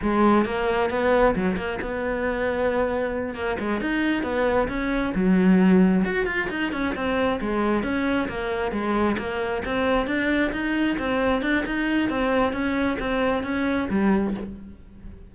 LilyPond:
\new Staff \with { instrumentName = "cello" } { \time 4/4 \tempo 4 = 134 gis4 ais4 b4 fis8 ais8 | b2.~ b8 ais8 | gis8 dis'4 b4 cis'4 fis8~ | fis4. fis'8 f'8 dis'8 cis'8 c'8~ |
c'8 gis4 cis'4 ais4 gis8~ | gis8 ais4 c'4 d'4 dis'8~ | dis'8 c'4 d'8 dis'4 c'4 | cis'4 c'4 cis'4 g4 | }